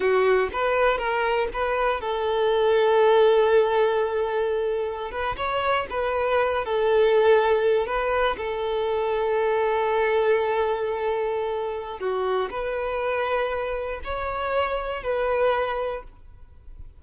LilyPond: \new Staff \with { instrumentName = "violin" } { \time 4/4 \tempo 4 = 120 fis'4 b'4 ais'4 b'4 | a'1~ | a'2~ a'16 b'8 cis''4 b'16~ | b'4~ b'16 a'2~ a'8 b'16~ |
b'8. a'2.~ a'16~ | a'1 | fis'4 b'2. | cis''2 b'2 | }